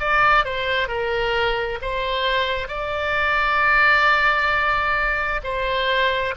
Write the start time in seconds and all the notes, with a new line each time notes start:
0.00 D5
0.45 C5
0.88 A#4
1.82 C5
2.68 D5
5.44 C5